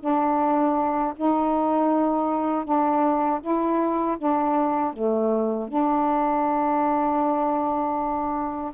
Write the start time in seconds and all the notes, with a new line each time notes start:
0.00 D4
1.16 D#4
2.65 D4
3.41 E4
4.18 D4
4.93 A3
5.69 D4